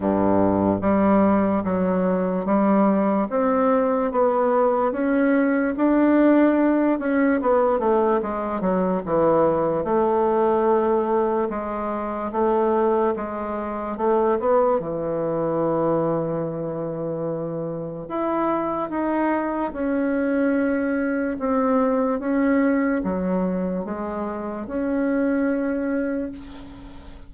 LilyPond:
\new Staff \with { instrumentName = "bassoon" } { \time 4/4 \tempo 4 = 73 g,4 g4 fis4 g4 | c'4 b4 cis'4 d'4~ | d'8 cis'8 b8 a8 gis8 fis8 e4 | a2 gis4 a4 |
gis4 a8 b8 e2~ | e2 e'4 dis'4 | cis'2 c'4 cis'4 | fis4 gis4 cis'2 | }